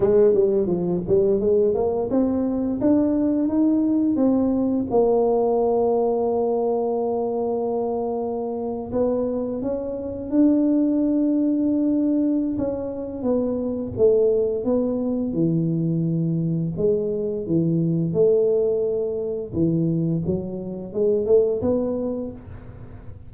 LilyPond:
\new Staff \with { instrumentName = "tuba" } { \time 4/4 \tempo 4 = 86 gis8 g8 f8 g8 gis8 ais8 c'4 | d'4 dis'4 c'4 ais4~ | ais1~ | ais8. b4 cis'4 d'4~ d'16~ |
d'2 cis'4 b4 | a4 b4 e2 | gis4 e4 a2 | e4 fis4 gis8 a8 b4 | }